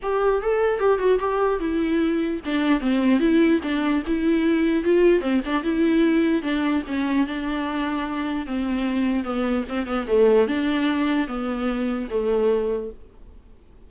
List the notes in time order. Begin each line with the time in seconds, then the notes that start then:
0.02 G4
0.42 A4
0.79 G4
0.98 F#4
1.19 G4
1.59 E4
2.45 D4
2.80 C4
3.19 E4
3.62 D4
4.06 E4
4.84 F4
5.20 C4
5.45 D4
5.63 E4
6.42 D4
6.87 C#4
7.26 D4
8.46 C4
9.24 B3
9.68 C4
9.86 B3
10.07 A3
10.47 D4
11.27 B3
12.10 A3